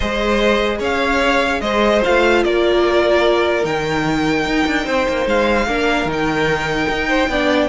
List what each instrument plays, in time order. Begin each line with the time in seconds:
0.00 cello G#3, viola G#4, violin C5 D#5
0.79 cello C#4, violin C#5 F5
1.61 cello G#3, violin C5 D#5
2.02 cello A3, viola F4, violin F5
2.43 cello A#3, violin A#4 D5
3.63 cello D#3, viola D#4, violin G5
4.45 cello D#4
4.66 cello D4
4.85 cello C4, violin C5
5.08 cello A#3
5.26 cello G#3, violin F5
5.66 cello A#3, viola D4, violin A#4
6.05 cello D#3, viola D#4
6.12 violin G5
6.88 cello D#4
7.08 violin C5
7.28 cello B3, viola D4, violin D5